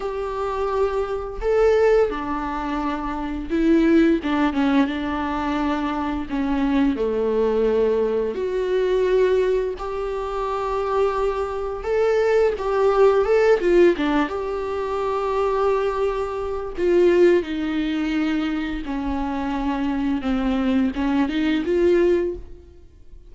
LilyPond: \new Staff \with { instrumentName = "viola" } { \time 4/4 \tempo 4 = 86 g'2 a'4 d'4~ | d'4 e'4 d'8 cis'8 d'4~ | d'4 cis'4 a2 | fis'2 g'2~ |
g'4 a'4 g'4 a'8 f'8 | d'8 g'2.~ g'8 | f'4 dis'2 cis'4~ | cis'4 c'4 cis'8 dis'8 f'4 | }